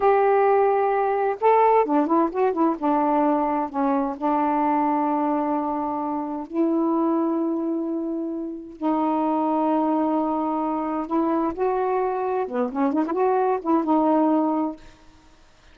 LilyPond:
\new Staff \with { instrumentName = "saxophone" } { \time 4/4 \tempo 4 = 130 g'2. a'4 | d'8 e'8 fis'8 e'8 d'2 | cis'4 d'2.~ | d'2 e'2~ |
e'2. dis'4~ | dis'1 | e'4 fis'2 b8 cis'8 | dis'16 e'16 fis'4 e'8 dis'2 | }